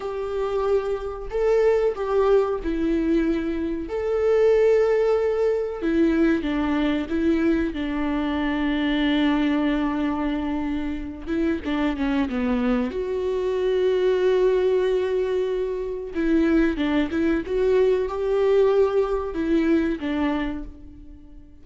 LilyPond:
\new Staff \with { instrumentName = "viola" } { \time 4/4 \tempo 4 = 93 g'2 a'4 g'4 | e'2 a'2~ | a'4 e'4 d'4 e'4 | d'1~ |
d'4. e'8 d'8 cis'8 b4 | fis'1~ | fis'4 e'4 d'8 e'8 fis'4 | g'2 e'4 d'4 | }